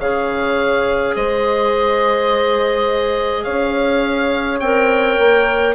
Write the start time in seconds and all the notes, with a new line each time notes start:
0.00 C#3 G#4 C#5 F5
1.16 G#3 C5 D#5
3.44 C#4 C#5 F5
4.60 C4 A#4 G5
5.19 A#3